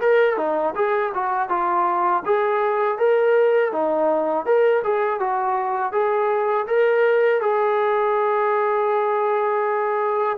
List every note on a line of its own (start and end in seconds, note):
0.00 0.37 A#4
0.37 0.74 D#4
0.75 1.12 G#4
1.14 1.49 F#4
1.49 2.23 F4
2.25 2.98 G#4
2.98 3.72 A#4
3.72 4.45 D#4
4.45 4.82 A#4
4.84 5.20 G#4
5.20 5.92 F#4
5.92 6.66 G#4
6.67 7.41 A#4
7.41 10.37 G#4